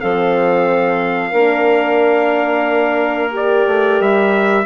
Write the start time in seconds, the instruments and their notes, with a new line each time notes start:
0.00 bassoon F3, horn C4, clarinet A4, trumpet F5
1.30 bassoon A#3, horn D4, clarinet A#4
3.31 horn G4, trumpet D5
3.67 bassoon A3
4.00 bassoon G3, trumpet E5